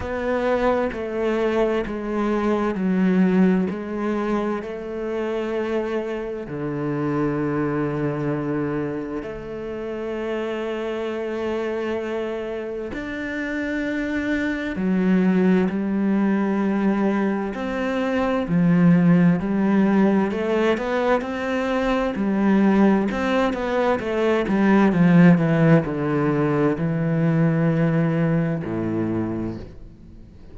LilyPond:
\new Staff \with { instrumentName = "cello" } { \time 4/4 \tempo 4 = 65 b4 a4 gis4 fis4 | gis4 a2 d4~ | d2 a2~ | a2 d'2 |
fis4 g2 c'4 | f4 g4 a8 b8 c'4 | g4 c'8 b8 a8 g8 f8 e8 | d4 e2 a,4 | }